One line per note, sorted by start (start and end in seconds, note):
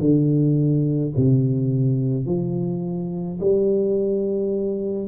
0.00 1.13 D3
1.17 2.26 C3
2.26 3.39 F3
3.40 5.08 G3